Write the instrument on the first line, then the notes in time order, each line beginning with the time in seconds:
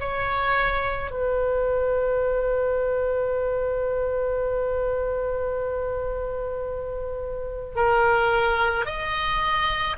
oboe
0.00 C#5
1.11 B4
7.76 A#4
8.85 D#5